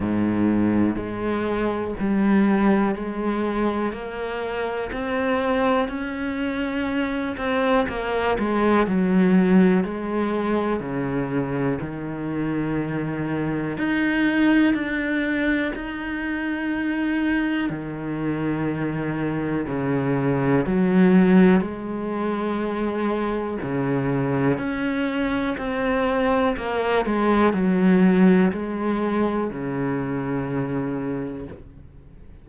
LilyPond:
\new Staff \with { instrumentName = "cello" } { \time 4/4 \tempo 4 = 61 gis,4 gis4 g4 gis4 | ais4 c'4 cis'4. c'8 | ais8 gis8 fis4 gis4 cis4 | dis2 dis'4 d'4 |
dis'2 dis2 | cis4 fis4 gis2 | cis4 cis'4 c'4 ais8 gis8 | fis4 gis4 cis2 | }